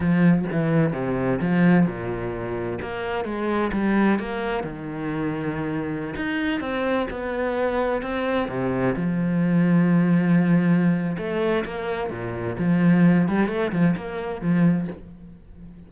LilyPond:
\new Staff \with { instrumentName = "cello" } { \time 4/4 \tempo 4 = 129 f4 e4 c4 f4 | ais,2 ais4 gis4 | g4 ais4 dis2~ | dis4~ dis16 dis'4 c'4 b8.~ |
b4~ b16 c'4 c4 f8.~ | f1 | a4 ais4 ais,4 f4~ | f8 g8 a8 f8 ais4 f4 | }